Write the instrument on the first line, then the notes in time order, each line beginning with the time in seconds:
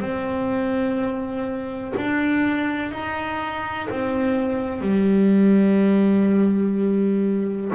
double bass
0.00 C4
1.97 D4
2.92 D#4
3.91 C4
4.81 G3